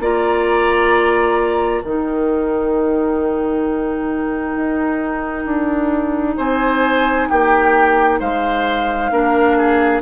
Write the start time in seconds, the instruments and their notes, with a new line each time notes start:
0.00 bassoon A#3, clarinet F4, oboe D5, flute A#5
1.83 bassoon D#3, clarinet D#4, oboe A#4, flute G5
4.56 bassoon D#4
5.46 bassoon D4
6.37 bassoon C4, oboe C5, flute G#5
7.29 bassoon A#3, oboe G4, flute G5
8.20 bassoon G#3, oboe C5, flute F5
9.11 bassoon A#3, clarinet D4, oboe A#4
9.58 oboe G#4